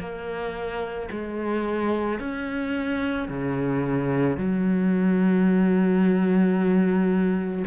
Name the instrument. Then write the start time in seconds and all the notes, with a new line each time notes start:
cello
0.00 A#3
1.12 G#3
2.20 C#4
3.29 C#3
4.37 F#3